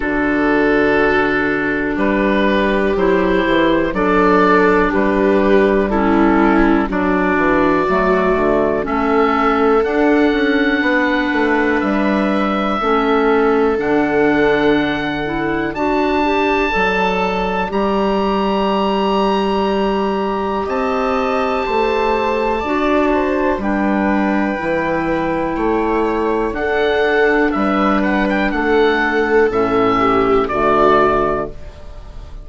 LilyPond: <<
  \new Staff \with { instrumentName = "oboe" } { \time 4/4 \tempo 4 = 61 a'2 b'4 c''4 | d''4 b'4 a'4 d''4~ | d''4 e''4 fis''2 | e''2 fis''2 |
a''2 ais''2~ | ais''4 a''2. | g''2. fis''4 | e''8 fis''16 g''16 fis''4 e''4 d''4 | }
  \new Staff \with { instrumentName = "viola" } { \time 4/4 fis'2 g'2 | a'4 g'4 e'4 fis'4~ | fis'4 a'2 b'4~ | b'4 a'2. |
d''1~ | d''4 dis''4 c''4 d''8 c''8 | b'2 cis''4 a'4 | b'4 a'4. g'8 fis'4 | }
  \new Staff \with { instrumentName = "clarinet" } { \time 4/4 d'2. e'4 | d'2 cis'4 d'4 | a4 cis'4 d'2~ | d'4 cis'4 d'4. e'8 |
fis'8 g'8 a'4 g'2~ | g'2. fis'4 | d'4 e'2 d'4~ | d'2 cis'4 a4 | }
  \new Staff \with { instrumentName = "bassoon" } { \time 4/4 d2 g4 fis8 e8 | fis4 g2 fis8 e8 | fis8 d8 a4 d'8 cis'8 b8 a8 | g4 a4 d2 |
d'4 fis4 g2~ | g4 c'4 a4 d'4 | g4 e4 a4 d'4 | g4 a4 a,4 d4 | }
>>